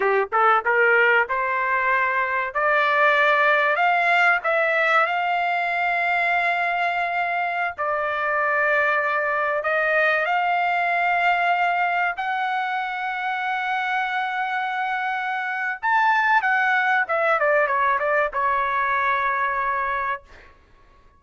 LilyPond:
\new Staff \with { instrumentName = "trumpet" } { \time 4/4 \tempo 4 = 95 g'8 a'8 ais'4 c''2 | d''2 f''4 e''4 | f''1~ | f''16 d''2. dis''8.~ |
dis''16 f''2. fis''8.~ | fis''1~ | fis''4 a''4 fis''4 e''8 d''8 | cis''8 d''8 cis''2. | }